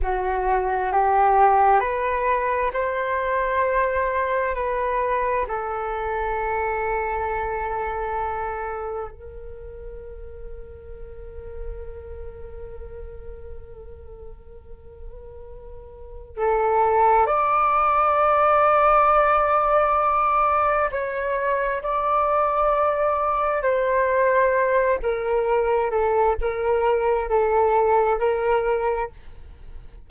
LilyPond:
\new Staff \with { instrumentName = "flute" } { \time 4/4 \tempo 4 = 66 fis'4 g'4 b'4 c''4~ | c''4 b'4 a'2~ | a'2 ais'2~ | ais'1~ |
ais'2 a'4 d''4~ | d''2. cis''4 | d''2 c''4. ais'8~ | ais'8 a'8 ais'4 a'4 ais'4 | }